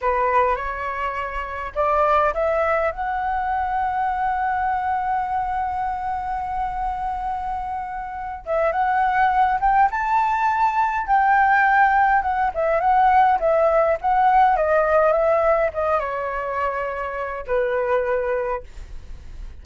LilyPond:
\new Staff \with { instrumentName = "flute" } { \time 4/4 \tempo 4 = 103 b'4 cis''2 d''4 | e''4 fis''2.~ | fis''1~ | fis''2~ fis''8 e''8 fis''4~ |
fis''8 g''8 a''2 g''4~ | g''4 fis''8 e''8 fis''4 e''4 | fis''4 dis''4 e''4 dis''8 cis''8~ | cis''2 b'2 | }